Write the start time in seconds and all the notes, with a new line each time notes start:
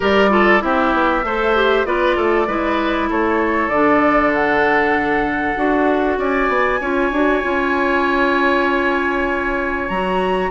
0.00 G3 G4 A#4 D5
0.29 F4 A4
0.60 C4 E4 G4 E5
0.93 B3
1.23 A3 A4 C5
1.55 G4
1.85 B3 F4 B4 D5
2.16 A3 A4
2.47 G#3 E4 B4
3.09 A3 A4 C#5
3.68 D3 D4 D5
4.34 F#5
5.55 D4 F#4
6.17 C#4 D5 G#5
6.48 B3
6.80 C#4 F4 C#5
7.11 D4 F#4
7.43 C#4 F4
9.88 F#3 F#4 A#5